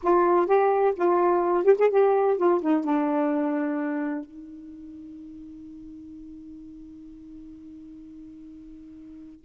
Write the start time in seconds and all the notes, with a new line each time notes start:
0.03 F4
0.46 G4
0.96 F4
1.63 G4
1.78 G#4
1.90 G4
2.37 F4
2.61 D#4
2.84 D4
4.24 D#4